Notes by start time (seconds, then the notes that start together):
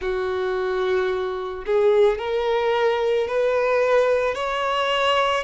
0.00 F#4
1.66 G#4
2.18 A#4
3.27 B4
4.34 C#5